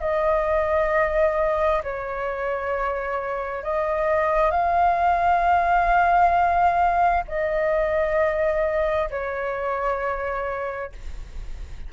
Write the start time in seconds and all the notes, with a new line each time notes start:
0.00 D#5
1.83 C#5
3.63 D#5
4.51 F5
7.27 D#5
9.10 C#5